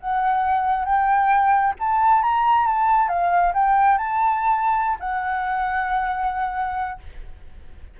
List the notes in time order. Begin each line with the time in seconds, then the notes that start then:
0.00 F#5
0.85 G5
1.79 A5
2.22 A#5
2.66 A5
3.08 F5
3.53 G5
3.97 A5
4.99 F#5